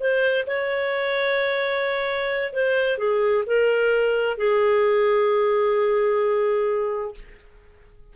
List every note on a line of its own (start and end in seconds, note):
0.00 0.46 C5
0.47 2.53 C#5
2.53 2.98 C5
2.98 3.44 G#4
3.46 4.38 A#4
4.38 7.15 G#4